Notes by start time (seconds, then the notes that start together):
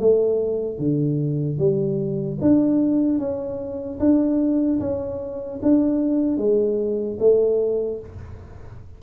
0.00 A3
0.79 D3
1.59 G3
2.41 D4
3.19 C#4
4.00 D4
4.80 C#4
5.63 D4
6.38 G#3
7.20 A3